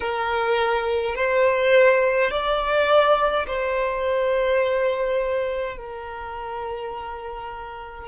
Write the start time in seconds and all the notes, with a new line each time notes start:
0.00 A#4
1.15 C5
2.30 D5
3.47 C5
5.77 A#4